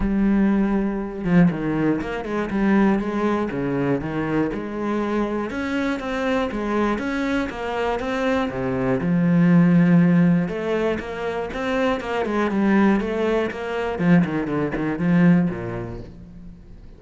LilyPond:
\new Staff \with { instrumentName = "cello" } { \time 4/4 \tempo 4 = 120 g2~ g8 f8 dis4 | ais8 gis8 g4 gis4 cis4 | dis4 gis2 cis'4 | c'4 gis4 cis'4 ais4 |
c'4 c4 f2~ | f4 a4 ais4 c'4 | ais8 gis8 g4 a4 ais4 | f8 dis8 d8 dis8 f4 ais,4 | }